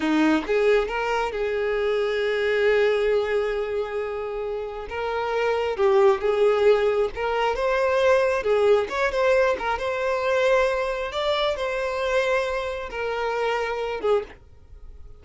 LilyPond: \new Staff \with { instrumentName = "violin" } { \time 4/4 \tempo 4 = 135 dis'4 gis'4 ais'4 gis'4~ | gis'1~ | gis'2. ais'4~ | ais'4 g'4 gis'2 |
ais'4 c''2 gis'4 | cis''8 c''4 ais'8 c''2~ | c''4 d''4 c''2~ | c''4 ais'2~ ais'8 gis'8 | }